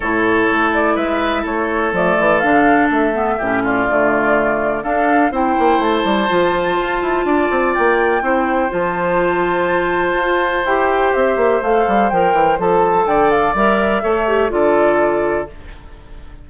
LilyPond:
<<
  \new Staff \with { instrumentName = "flute" } { \time 4/4 \tempo 4 = 124 cis''4. d''8 e''4 cis''4 | d''4 f''4 e''4. d''8~ | d''2 f''4 g''4 | a''1 |
g''2 a''2~ | a''2 g''4 e''4 | f''4 g''4 a''4 g''8 f''8 | e''2 d''2 | }
  \new Staff \with { instrumentName = "oboe" } { \time 4/4 a'2 b'4 a'4~ | a'2. g'8 f'8~ | f'2 a'4 c''4~ | c''2. d''4~ |
d''4 c''2.~ | c''1~ | c''2. d''4~ | d''4 cis''4 a'2 | }
  \new Staff \with { instrumentName = "clarinet" } { \time 4/4 e'1 | a4 d'4. b8 cis'4 | a2 d'4 e'4~ | e'4 f'2.~ |
f'4 e'4 f'2~ | f'2 g'2 | a'4 ais'4 a'2 | ais'4 a'8 g'8 f'2 | }
  \new Staff \with { instrumentName = "bassoon" } { \time 4/4 a,4 a4 gis4 a4 | f8 e8 d4 a4 a,4 | d2 d'4 c'8 ais8 | a8 g8 f4 f'8 e'8 d'8 c'8 |
ais4 c'4 f2~ | f4 f'4 e'4 c'8 ais8 | a8 g8 f8 e8 f4 d4 | g4 a4 d2 | }
>>